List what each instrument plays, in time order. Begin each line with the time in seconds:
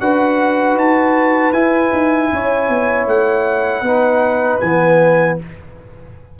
0.00 tuba D4, trombone F#4, horn B4, trumpet F#5
0.74 tuba D#4, trumpet A5
1.52 tuba E4, trombone E4, trumpet G#5
1.92 tuba D#4
2.32 tuba C#4, horn C#5
2.68 tuba B3
3.06 tuba A3, trumpet F#5
3.81 tuba B3, trombone D#4, horn B4
4.59 tuba E3, trombone B3, trumpet G#5